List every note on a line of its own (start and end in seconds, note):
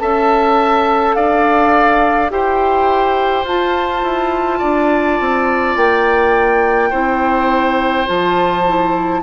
0.00 1.16 C#4
0.00 2.30 A4
0.00 1.16 E5
0.00 1.15 A5
1.15 2.31 D4
1.15 2.31 D5
1.15 2.30 F5
2.30 3.44 E4
2.30 3.45 G4
2.30 4.59 C5
2.30 3.46 G5
3.44 4.01 F4
3.44 6.92 F4
3.44 5.77 A5
4.03 4.61 E4
4.59 5.20 D4
4.59 6.89 D5
5.20 5.76 C4
5.76 6.92 A#3
5.76 8.08 G5
6.90 8.07 C4
6.90 8.06 E4
6.90 9.21 C5
8.06 9.23 F3
8.06 8.63 F4
8.06 9.23 A5
8.67 9.23 E4